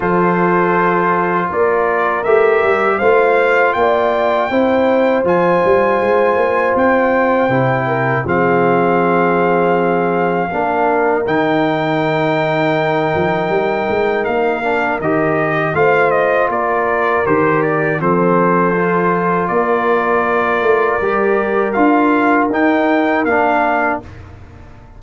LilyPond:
<<
  \new Staff \with { instrumentName = "trumpet" } { \time 4/4 \tempo 4 = 80 c''2 d''4 e''4 | f''4 g''2 gis''4~ | gis''4 g''2 f''4~ | f''2. g''4~ |
g''2. f''4 | dis''4 f''8 dis''8 d''4 c''8 d''8 | c''2 d''2~ | d''4 f''4 g''4 f''4 | }
  \new Staff \with { instrumentName = "horn" } { \time 4/4 a'2 ais'2 | c''4 d''4 c''2~ | c''2~ c''8 ais'8 gis'4~ | gis'2 ais'2~ |
ais'1~ | ais'4 c''4 ais'2 | a'2 ais'2~ | ais'1 | }
  \new Staff \with { instrumentName = "trombone" } { \time 4/4 f'2. g'4 | f'2 e'4 f'4~ | f'2 e'4 c'4~ | c'2 d'4 dis'4~ |
dis'2.~ dis'8 d'8 | g'4 f'2 g'4 | c'4 f'2. | g'4 f'4 dis'4 d'4 | }
  \new Staff \with { instrumentName = "tuba" } { \time 4/4 f2 ais4 a8 g8 | a4 ais4 c'4 f8 g8 | gis8 ais8 c'4 c4 f4~ | f2 ais4 dis4~ |
dis4. f8 g8 gis8 ais4 | dis4 a4 ais4 dis4 | f2 ais4. a8 | g4 d'4 dis'4 ais4 | }
>>